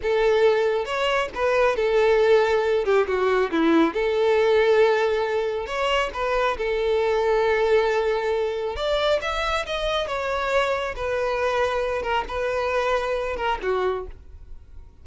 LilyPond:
\new Staff \with { instrumentName = "violin" } { \time 4/4 \tempo 4 = 137 a'2 cis''4 b'4 | a'2~ a'8 g'8 fis'4 | e'4 a'2.~ | a'4 cis''4 b'4 a'4~ |
a'1 | d''4 e''4 dis''4 cis''4~ | cis''4 b'2~ b'8 ais'8 | b'2~ b'8 ais'8 fis'4 | }